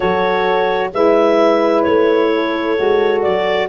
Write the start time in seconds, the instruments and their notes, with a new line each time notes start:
0.00 tuba F#3, saxophone F#4, horn A4, clarinet C#5
0.93 tuba G#3, saxophone E4, horn B4, clarinet E5
1.82 tuba A3, clarinet C#5
2.34 horn A4
2.76 tuba G#3, saxophone F#4
3.22 tuba F#3, clarinet D5